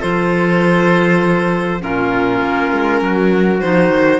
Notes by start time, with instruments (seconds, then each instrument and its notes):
0.00 cello F3, clarinet F4, trumpet A4, violin C5
1.80 cello A#2, clarinet C#4, trumpet F4, violin A#4
2.42 cello A#3
2.72 cello G#3
3.02 cello F#3, trumpet F#4
3.60 cello F3, clarinet D#4, violin C5
3.89 cello D#3